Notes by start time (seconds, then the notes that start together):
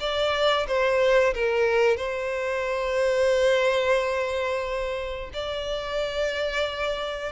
0.00 D5
0.67 C5
1.34 A#4
1.97 C5
5.33 D5